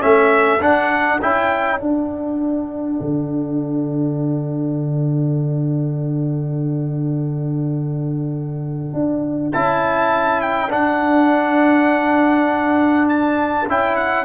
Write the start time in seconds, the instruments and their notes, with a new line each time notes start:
0.00 tuba A3, trombone C#4, horn A4, trumpet E5
0.60 trombone D4, tuba D4, trumpet F#5
1.22 tuba C#4, trombone E4, trumpet G5
1.79 trombone D4, tuba D4, trumpet F#5
3.00 tuba D3
8.93 tuba D4
9.52 tuba C#4, trombone E4, trumpet A5
10.41 trumpet G5
10.69 trombone D4, tuba D4, trumpet F#5
13.09 trumpet A5
13.68 tuba C#4, trombone E4, trumpet G5
13.96 trumpet F#5